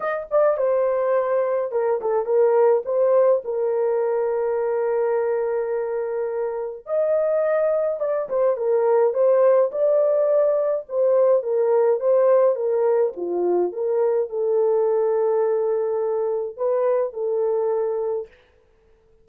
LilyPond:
\new Staff \with { instrumentName = "horn" } { \time 4/4 \tempo 4 = 105 dis''8 d''8 c''2 ais'8 a'8 | ais'4 c''4 ais'2~ | ais'1 | dis''2 d''8 c''8 ais'4 |
c''4 d''2 c''4 | ais'4 c''4 ais'4 f'4 | ais'4 a'2.~ | a'4 b'4 a'2 | }